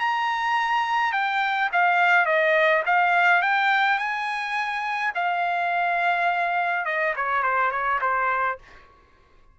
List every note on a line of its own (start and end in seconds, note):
0.00 1.13 A#5
1.13 1.70 G5
1.73 2.26 F5
2.26 2.83 D#5
2.86 3.43 F5
3.43 3.99 G5
3.99 5.13 G#5
5.15 6.86 F5
6.86 7.14 D#5
7.16 7.43 C#5
7.43 7.71 C5
7.71 8.00 C#5
8.02 8.59 C5